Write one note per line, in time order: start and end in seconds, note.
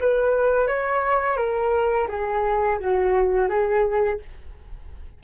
0.00 0.67 B4
0.67 1.37 C#5
1.37 2.07 A#4
2.08 2.79 G#4
2.79 3.49 F#4
3.49 4.19 G#4